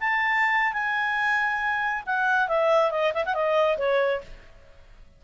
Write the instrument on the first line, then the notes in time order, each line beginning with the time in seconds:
clarinet
0.00 A5
0.73 G#5
2.06 F#5
2.48 E5
2.91 D#5
3.14 E5
3.25 F#5
3.34 D#5
3.78 C#5